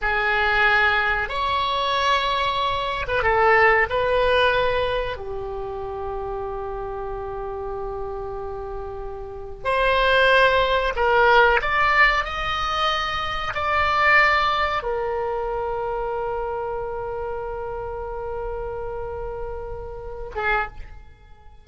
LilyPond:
\new Staff \with { instrumentName = "oboe" } { \time 4/4 \tempo 4 = 93 gis'2 cis''2~ | cis''8. b'16 a'4 b'2 | g'1~ | g'2. c''4~ |
c''4 ais'4 d''4 dis''4~ | dis''4 d''2 ais'4~ | ais'1~ | ais'2.~ ais'8 gis'8 | }